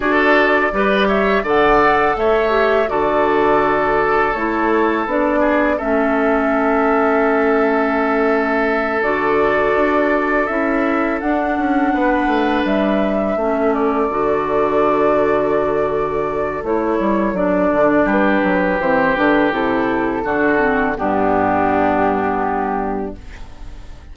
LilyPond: <<
  \new Staff \with { instrumentName = "flute" } { \time 4/4 \tempo 4 = 83 d''4. e''8 fis''4 e''4 | d''2 cis''4 d''4 | e''1~ | e''8 d''2 e''4 fis''8~ |
fis''4. e''4. d''4~ | d''2. cis''4 | d''4 b'4 c''8 b'8 a'4~ | a'4 g'2. | }
  \new Staff \with { instrumentName = "oboe" } { \time 4/4 a'4 b'8 cis''8 d''4 cis''4 | a'2.~ a'8 gis'8 | a'1~ | a'1~ |
a'8 b'2 a'4.~ | a'1~ | a'4 g'2. | fis'4 d'2. | }
  \new Staff \with { instrumentName = "clarinet" } { \time 4/4 fis'4 g'4 a'4. g'8 | fis'2 e'4 d'4 | cis'1~ | cis'8 fis'2 e'4 d'8~ |
d'2~ d'8 cis'4 fis'8~ | fis'2. e'4 | d'2 c'8 d'8 e'4 | d'8 c'8 b2. | }
  \new Staff \with { instrumentName = "bassoon" } { \time 4/4 d'4 g4 d4 a4 | d2 a4 b4 | a1~ | a8 d4 d'4 cis'4 d'8 |
cis'8 b8 a8 g4 a4 d8~ | d2. a8 g8 | fis8 d8 g8 fis8 e8 d8 c4 | d4 g,2. | }
>>